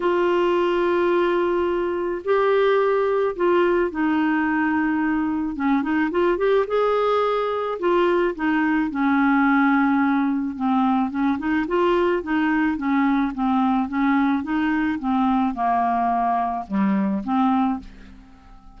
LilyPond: \new Staff \with { instrumentName = "clarinet" } { \time 4/4 \tempo 4 = 108 f'1 | g'2 f'4 dis'4~ | dis'2 cis'8 dis'8 f'8 g'8 | gis'2 f'4 dis'4 |
cis'2. c'4 | cis'8 dis'8 f'4 dis'4 cis'4 | c'4 cis'4 dis'4 c'4 | ais2 g4 c'4 | }